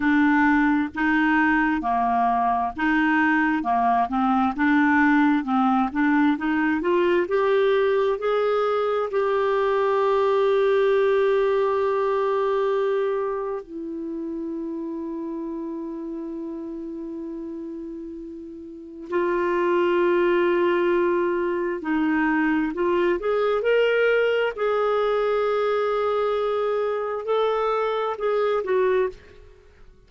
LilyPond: \new Staff \with { instrumentName = "clarinet" } { \time 4/4 \tempo 4 = 66 d'4 dis'4 ais4 dis'4 | ais8 c'8 d'4 c'8 d'8 dis'8 f'8 | g'4 gis'4 g'2~ | g'2. e'4~ |
e'1~ | e'4 f'2. | dis'4 f'8 gis'8 ais'4 gis'4~ | gis'2 a'4 gis'8 fis'8 | }